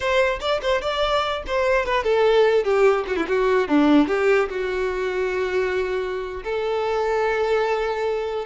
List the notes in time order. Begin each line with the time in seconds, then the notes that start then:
0.00 C5
0.40 D5
0.62 C5
0.81 D5
1.46 C5
1.85 B4
2.03 A4
2.63 G4
3.07 F#4
3.16 E4
3.28 F#4
3.68 D4
4.07 G4
4.49 F#4
6.44 A4